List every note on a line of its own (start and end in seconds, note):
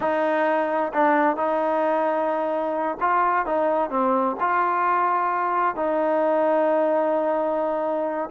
0.00 0.92 D#4
0.93 1.36 D4
1.36 2.98 D#4
3.00 3.46 F4
3.46 3.90 D#4
3.90 4.36 C4
4.40 5.75 F4
5.75 8.29 D#4